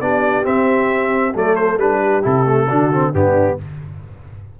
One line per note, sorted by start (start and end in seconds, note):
0.00 0.45 B3
0.00 0.43 D4
0.00 1.34 G4
0.00 0.45 D5
0.43 1.33 C4
0.43 1.35 C4
0.43 1.35 E5
1.34 1.77 F#3
1.34 1.79 A3
1.34 2.01 A4
1.34 1.55 D5
1.55 1.78 C5
1.77 2.22 G3
1.77 2.22 D4
1.77 2.24 B4
2.01 2.66 G4
2.22 2.69 C3
2.22 2.44 E4
2.22 3.14 A4
2.44 2.67 A3
2.66 3.13 D3
2.66 2.92 D4
2.66 3.11 F#4
2.92 3.13 C4
3.13 3.58 G2
3.13 3.58 B3
3.13 3.59 D4
3.13 3.59 G4